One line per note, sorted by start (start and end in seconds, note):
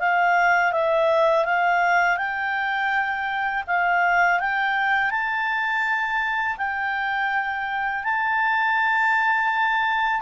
0.00 0.73 F5
0.73 1.45 E5
1.45 2.18 F5
2.18 3.64 G5
3.67 4.40 F5
4.40 5.11 G5
5.11 6.57 A5
6.58 8.04 G5
8.04 10.22 A5